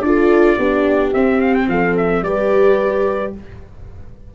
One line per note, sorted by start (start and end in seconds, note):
0.00 0.55 D4
0.00 0.59 F4
0.00 0.57 A4
0.00 1.11 D5
0.57 1.13 B3
0.57 1.14 D4
0.57 1.67 G4
1.13 1.67 C4
1.13 2.24 C4
1.13 1.40 E5
1.41 1.54 F5
1.54 1.68 G5
1.67 2.21 F3
1.67 2.25 A4
1.67 1.96 F5
1.97 2.23 E5
2.21 3.32 G3
2.21 3.34 G4
2.21 3.35 B4
2.21 3.33 D5